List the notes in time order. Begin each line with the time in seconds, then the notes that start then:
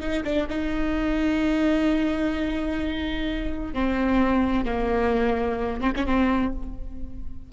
0.00 D#4
0.24 D4
0.49 D#4
3.74 C4
4.65 A#3
5.81 C4
5.96 C#4
6.06 C4